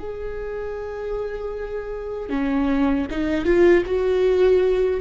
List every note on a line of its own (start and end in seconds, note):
0.00 2.30 G#4
2.30 3.07 C#4
3.11 3.45 D#4
3.45 3.84 F4
3.86 5.01 F#4